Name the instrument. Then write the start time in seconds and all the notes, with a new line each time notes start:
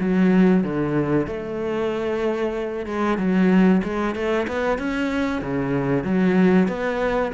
cello
0.00 F#3
0.64 D3
1.27 A3
2.86 G#3
3.18 F#3
3.84 G#3
4.15 A3
4.48 B3
4.78 C#4
5.42 C#3
6.04 F#3
6.68 B3